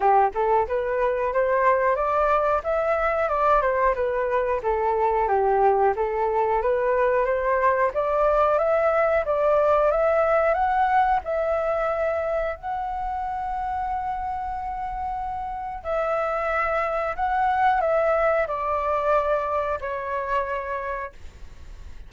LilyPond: \new Staff \with { instrumentName = "flute" } { \time 4/4 \tempo 4 = 91 g'8 a'8 b'4 c''4 d''4 | e''4 d''8 c''8 b'4 a'4 | g'4 a'4 b'4 c''4 | d''4 e''4 d''4 e''4 |
fis''4 e''2 fis''4~ | fis''1 | e''2 fis''4 e''4 | d''2 cis''2 | }